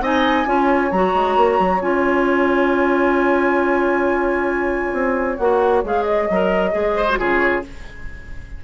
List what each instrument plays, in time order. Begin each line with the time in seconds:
0.00 bassoon C4, clarinet D#4, oboe D#5, flute G#5
0.45 bassoon C#4, clarinet F4, oboe C#5
0.91 bassoon F#3, clarinet F#4, flute A#5
1.14 bassoon G#3
1.36 bassoon A#3
1.59 bassoon F#3
1.80 bassoon C#4, clarinet F4, flute G#5
4.92 bassoon C4
5.37 bassoon A#3, clarinet F#4, flute F#5
5.83 bassoon G#3, clarinet G#4, flute F5
6.03 flute D#5
6.29 bassoon F#3, clarinet A#4
6.71 bassoon G#3, clarinet G#4
6.96 oboe C5
7.09 clarinet F#4
7.18 bassoon C#3, clarinet F4, oboe G#4, flute C#5